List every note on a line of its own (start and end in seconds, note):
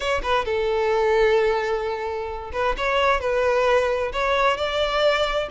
0.00 0.21 C#5
0.22 0.45 B4
0.45 2.51 A4
2.52 2.75 B4
2.77 3.20 C#5
3.20 4.12 B4
4.12 4.57 C#5
4.57 5.48 D5